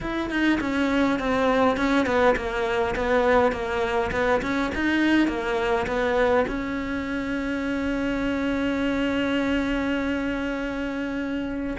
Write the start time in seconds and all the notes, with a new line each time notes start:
0.00 E4
0.29 D#4
0.60 C#4
1.19 C4
1.76 C#4
2.06 B3
2.36 A#3
2.95 B3
3.52 A#3
4.11 B3
4.41 C#4
4.74 D#4
5.27 A#3
5.86 B3
6.47 C#4